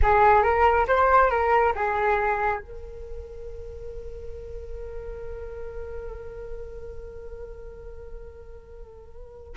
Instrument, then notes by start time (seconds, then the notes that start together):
flute
0.02 G#4
0.42 A#4
0.87 C5
1.30 A#4
1.75 G#4
2.59 A#4